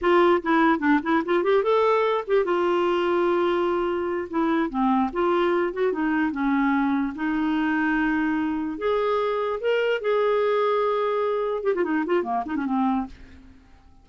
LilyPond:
\new Staff \with { instrumentName = "clarinet" } { \time 4/4 \tempo 4 = 147 f'4 e'4 d'8 e'8 f'8 g'8 | a'4. g'8 f'2~ | f'2~ f'8 e'4 c'8~ | c'8 f'4. fis'8 dis'4 cis'8~ |
cis'4. dis'2~ dis'8~ | dis'4. gis'2 ais'8~ | ais'8 gis'2.~ gis'8~ | gis'8 g'16 f'16 dis'8 f'8 ais8 dis'16 cis'16 c'4 | }